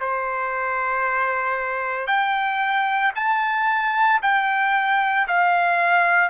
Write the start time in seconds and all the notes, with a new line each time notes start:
0.00 C5
2.07 G5
3.15 A5
4.22 G5
5.27 F5